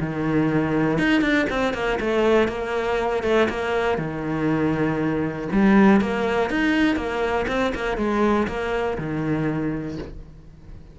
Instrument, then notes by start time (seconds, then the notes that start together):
cello
0.00 D#3
0.98 D#4
1.21 D4
1.50 C4
1.74 A#3
2.00 A3
2.48 A#3
3.23 A3
3.49 A#3
3.98 D#3
5.52 G3
6.01 A#3
6.50 D#4
6.96 A#3
7.48 C4
7.75 A#3
7.97 G#3
8.48 A#3
8.98 D#3